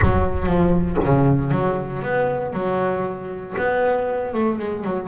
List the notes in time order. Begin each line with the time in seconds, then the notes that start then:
0.01 F#3
0.46 F3
1.04 C#3
1.51 F#3
2.02 B3
2.53 F#3
3.57 B3
4.33 A3
4.59 G#3
4.84 F#3